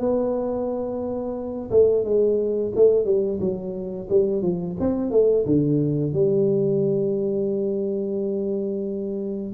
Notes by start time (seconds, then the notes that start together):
0.00 B3
1.71 A3
2.05 G#3
2.76 A3
3.06 G3
3.40 F#3
4.10 G3
4.43 F3
4.80 C4
5.11 A3
5.46 D3
6.13 G3